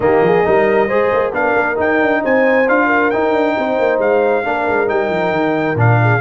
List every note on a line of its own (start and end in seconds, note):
0.00 0.21 D#3
0.00 0.44 A#3
0.00 0.25 G4
0.00 1.32 D#5
0.21 0.43 F3
0.21 0.45 G#4
0.44 0.89 G3
0.44 0.88 D#4
0.44 0.87 A#4
0.87 1.12 G#3
0.87 1.33 G#4
0.87 1.31 C5
1.12 1.32 A#3
1.32 1.54 B3
1.32 1.75 D4
1.32 2.21 A#4
1.32 1.78 F5
1.55 1.77 A#3
1.75 2.64 D#4
1.75 2.00 D#4
1.75 2.24 G5
2.00 2.23 D4
2.21 2.68 C4
2.21 2.86 C5
2.21 2.68 G#5
2.68 3.12 D4
2.68 3.12 F4
2.68 3.10 F5
2.86 3.52 A#4
3.10 4.44 D#4
3.10 3.33 D#4
3.10 3.99 G5
3.33 3.55 D4
3.57 3.79 C4
3.57 4.45 C5
3.79 3.99 A#3
3.99 4.43 G#3
3.99 4.89 F5
4.44 4.67 A#3
4.44 4.86 D4
4.44 6.00 A#4
4.67 4.89 G#3
4.86 5.09 G3
4.86 5.75 D#4
4.86 5.77 G5
5.09 5.30 F3
5.30 5.74 D#3
5.75 6.19 A#2
5.75 6.21 D4
5.75 6.21 F5
6.01 6.21 G#4